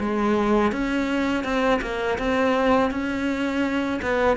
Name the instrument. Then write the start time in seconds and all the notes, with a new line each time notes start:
cello
0.00 G#3
0.73 C#4
1.44 C4
1.82 A#3
2.19 C4
2.91 C#4
4.02 B3